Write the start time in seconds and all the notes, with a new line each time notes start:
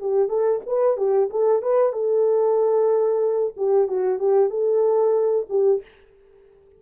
0.00 G4
0.28 A4
0.66 B4
0.97 G4
1.30 A4
1.62 B4
1.93 A4
3.57 G4
3.88 F#4
4.19 G4
4.50 A4
5.50 G4